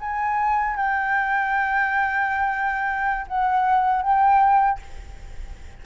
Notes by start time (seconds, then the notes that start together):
0.00 G#5
0.76 G5
3.28 F#5
4.02 G5